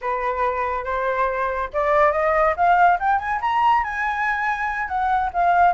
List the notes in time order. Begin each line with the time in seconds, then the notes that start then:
0.01 B4
0.84 C5
1.73 D5
2.12 D#5
2.56 F5
2.99 G5
3.18 G#5
3.41 A#5
3.83 G#5
4.88 F#5
5.33 F5